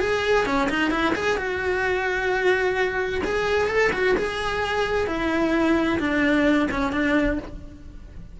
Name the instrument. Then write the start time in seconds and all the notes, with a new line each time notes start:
cello
0.00 G#4
0.46 C#4
0.70 D#4
0.91 E4
1.15 G#4
1.37 F#4
3.25 G#4
3.68 A4
3.93 F#4
4.17 G#4
5.07 E4
6.00 D4
6.71 C#4
6.92 D4